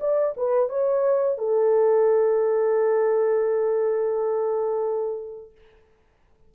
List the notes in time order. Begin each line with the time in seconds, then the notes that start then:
0.00 D5
0.37 B4
0.69 C#5
1.38 A4